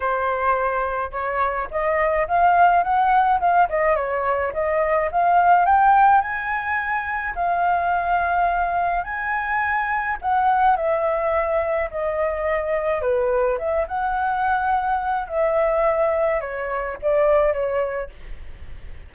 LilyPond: \new Staff \with { instrumentName = "flute" } { \time 4/4 \tempo 4 = 106 c''2 cis''4 dis''4 | f''4 fis''4 f''8 dis''8 cis''4 | dis''4 f''4 g''4 gis''4~ | gis''4 f''2. |
gis''2 fis''4 e''4~ | e''4 dis''2 b'4 | e''8 fis''2~ fis''8 e''4~ | e''4 cis''4 d''4 cis''4 | }